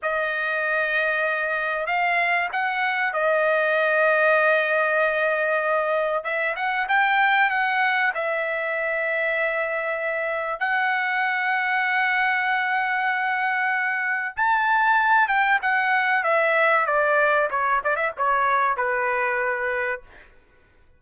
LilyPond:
\new Staff \with { instrumentName = "trumpet" } { \time 4/4 \tempo 4 = 96 dis''2. f''4 | fis''4 dis''2.~ | dis''2 e''8 fis''8 g''4 | fis''4 e''2.~ |
e''4 fis''2.~ | fis''2. a''4~ | a''8 g''8 fis''4 e''4 d''4 | cis''8 d''16 e''16 cis''4 b'2 | }